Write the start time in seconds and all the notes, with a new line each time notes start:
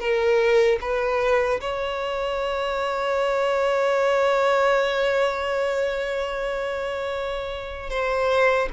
0.00 A#4
0.81 B4
1.61 C#5
7.90 C5